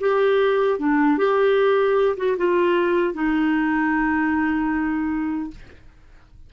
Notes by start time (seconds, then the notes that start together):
0.00 G4
0.79 D4
1.18 G4
2.17 F#4
2.38 F4
3.14 D#4